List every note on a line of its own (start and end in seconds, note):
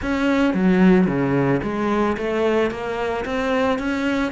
0.01 0.54 C#4
0.54 1.07 F#3
1.07 1.61 C#3
1.62 2.16 G#3
2.17 2.70 A3
2.70 3.24 A#3
3.25 3.78 C4
3.78 4.31 C#4